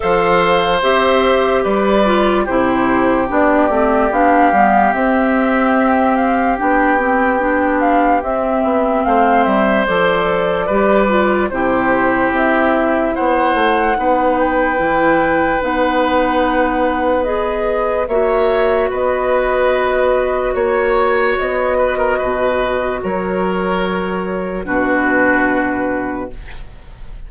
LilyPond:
<<
  \new Staff \with { instrumentName = "flute" } { \time 4/4 \tempo 4 = 73 f''4 e''4 d''4 c''4 | d''4 f''4 e''4. f''8 | g''4. f''8 e''4 f''8 e''8 | d''2 c''4 e''4 |
fis''4. g''4. fis''4~ | fis''4 dis''4 e''4 dis''4~ | dis''4 cis''4 dis''2 | cis''2 b'2 | }
  \new Staff \with { instrumentName = "oboe" } { \time 4/4 c''2 b'4 g'4~ | g'1~ | g'2. c''4~ | c''4 b'4 g'2 |
c''4 b'2.~ | b'2 cis''4 b'4~ | b'4 cis''4. b'16 ais'16 b'4 | ais'2 fis'2 | }
  \new Staff \with { instrumentName = "clarinet" } { \time 4/4 a'4 g'4. f'8 e'4 | d'8 c'8 d'8 b8 c'2 | d'8 c'8 d'4 c'2 | a'4 g'8 f'8 e'2~ |
e'4 dis'4 e'4 dis'4~ | dis'4 gis'4 fis'2~ | fis'1~ | fis'2 d'2 | }
  \new Staff \with { instrumentName = "bassoon" } { \time 4/4 f4 c'4 g4 c4 | b8 a8 b8 g8 c'2 | b2 c'8 b8 a8 g8 | f4 g4 c4 c'4 |
b8 a8 b4 e4 b4~ | b2 ais4 b4~ | b4 ais4 b4 b,4 | fis2 b,2 | }
>>